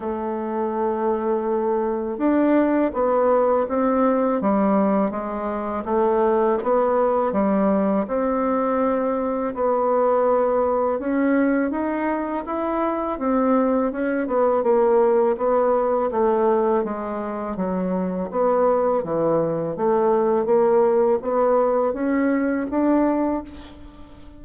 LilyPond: \new Staff \with { instrumentName = "bassoon" } { \time 4/4 \tempo 4 = 82 a2. d'4 | b4 c'4 g4 gis4 | a4 b4 g4 c'4~ | c'4 b2 cis'4 |
dis'4 e'4 c'4 cis'8 b8 | ais4 b4 a4 gis4 | fis4 b4 e4 a4 | ais4 b4 cis'4 d'4 | }